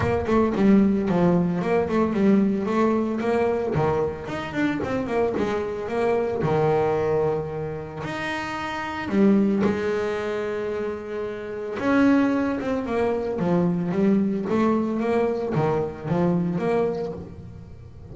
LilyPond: \new Staff \with { instrumentName = "double bass" } { \time 4/4 \tempo 4 = 112 ais8 a8 g4 f4 ais8 a8 | g4 a4 ais4 dis4 | dis'8 d'8 c'8 ais8 gis4 ais4 | dis2. dis'4~ |
dis'4 g4 gis2~ | gis2 cis'4. c'8 | ais4 f4 g4 a4 | ais4 dis4 f4 ais4 | }